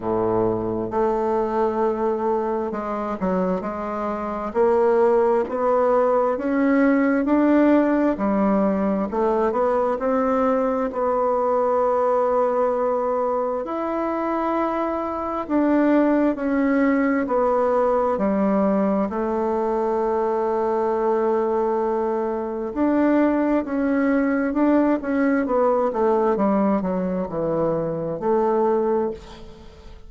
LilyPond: \new Staff \with { instrumentName = "bassoon" } { \time 4/4 \tempo 4 = 66 a,4 a2 gis8 fis8 | gis4 ais4 b4 cis'4 | d'4 g4 a8 b8 c'4 | b2. e'4~ |
e'4 d'4 cis'4 b4 | g4 a2.~ | a4 d'4 cis'4 d'8 cis'8 | b8 a8 g8 fis8 e4 a4 | }